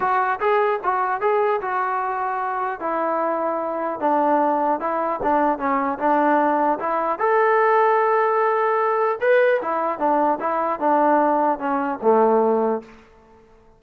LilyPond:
\new Staff \with { instrumentName = "trombone" } { \time 4/4 \tempo 4 = 150 fis'4 gis'4 fis'4 gis'4 | fis'2. e'4~ | e'2 d'2 | e'4 d'4 cis'4 d'4~ |
d'4 e'4 a'2~ | a'2. b'4 | e'4 d'4 e'4 d'4~ | d'4 cis'4 a2 | }